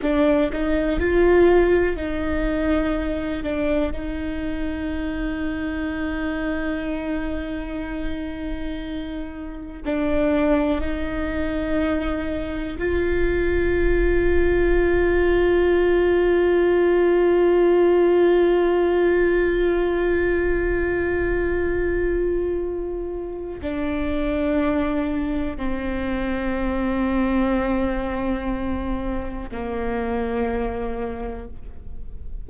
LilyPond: \new Staff \with { instrumentName = "viola" } { \time 4/4 \tempo 4 = 61 d'8 dis'8 f'4 dis'4. d'8 | dis'1~ | dis'2 d'4 dis'4~ | dis'4 f'2.~ |
f'1~ | f'1 | d'2 c'2~ | c'2 ais2 | }